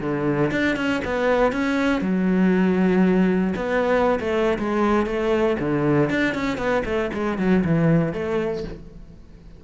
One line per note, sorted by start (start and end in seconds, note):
0.00 0.51 D3
0.51 0.76 D4
0.76 1.01 C#4
1.04 1.52 B3
1.52 2.01 C#4
2.01 3.54 F#3
3.56 4.19 B3
4.20 4.58 A3
4.59 5.06 G#3
5.06 5.57 A3
5.59 6.10 D3
6.10 6.34 D4
6.34 6.58 C#4
6.58 6.83 B3
6.85 7.10 A3
7.13 7.38 G#3
7.38 7.64 F#3
7.64 8.13 E3
8.13 8.64 A3